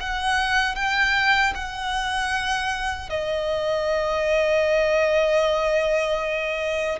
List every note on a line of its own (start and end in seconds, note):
0.00 0.75 F#5
0.75 1.53 G5
1.55 3.09 F#5
3.09 6.99 D#5